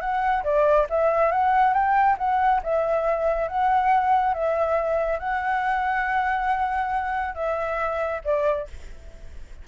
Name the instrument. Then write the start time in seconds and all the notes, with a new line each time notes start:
flute
0.00 F#5
0.43 D5
0.90 E5
1.31 F#5
1.73 G5
2.18 F#5
2.63 E5
3.48 F#5
4.34 E5
5.19 F#5
7.35 E5
8.24 D5